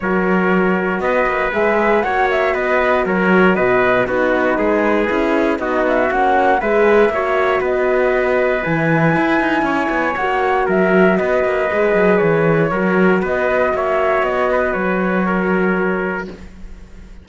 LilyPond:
<<
  \new Staff \with { instrumentName = "flute" } { \time 4/4 \tempo 4 = 118 cis''2 dis''4 e''4 | fis''8 e''8 dis''4 cis''4 dis''4 | b'2. dis''8 e''8 | fis''4 e''2 dis''4~ |
dis''4 gis''2. | fis''4 e''4 dis''2 | cis''2 dis''4 e''4 | dis''4 cis''2. | }
  \new Staff \with { instrumentName = "trumpet" } { \time 4/4 ais'2 b'2 | cis''4 b'4 ais'4 b'4 | fis'4 gis'2 fis'4~ | fis'4 b'4 cis''4 b'4~ |
b'2. cis''4~ | cis''4 ais'4 b'2~ | b'4 ais'4 b'4 cis''4~ | cis''8 b'4. ais'2 | }
  \new Staff \with { instrumentName = "horn" } { \time 4/4 fis'2. gis'4 | fis'1 | dis'2 e'4 dis'4 | cis'4 gis'4 fis'2~ |
fis'4 e'2. | fis'2. gis'4~ | gis'4 fis'2.~ | fis'1 | }
  \new Staff \with { instrumentName = "cello" } { \time 4/4 fis2 b8 ais8 gis4 | ais4 b4 fis4 b,4 | b4 gis4 cis'4 b4 | ais4 gis4 ais4 b4~ |
b4 e4 e'8 dis'8 cis'8 b8 | ais4 fis4 b8 ais8 gis8 fis8 | e4 fis4 b4 ais4 | b4 fis2. | }
>>